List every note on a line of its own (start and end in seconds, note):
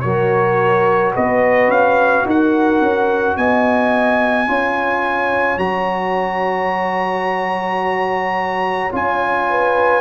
0.00 1.15 F#3
0.00 4.47 F#4
0.00 1.14 A#4
0.00 1.11 C#5
1.14 1.68 B3
1.14 2.25 B4
1.14 1.70 D#5
1.68 2.23 C#4
1.68 2.26 F5
2.25 2.81 D#4
2.25 3.37 A#4
2.25 3.37 F#5
2.81 3.36 C#4
3.37 4.47 B3
3.37 4.48 D#5
3.37 5.58 G#5
4.47 5.57 C#4
4.47 5.58 F4
4.47 9.48 C#5
5.57 8.90 F#3
5.57 8.91 F#4
5.57 8.91 A#5
8.91 10.01 C#4
8.91 10.01 F4
8.91 10.01 G#5
9.49 10.01 B4